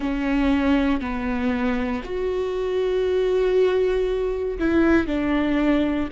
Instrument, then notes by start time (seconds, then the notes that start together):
viola
0.00 C#4
1.00 B3
2.03 F#4
4.58 E4
5.07 D4